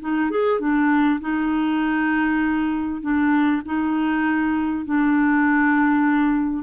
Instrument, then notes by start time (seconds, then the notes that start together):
clarinet
0.00 D#4
0.30 G#4
0.60 D4
1.20 D#4
3.01 D4
3.65 D#4
4.85 D4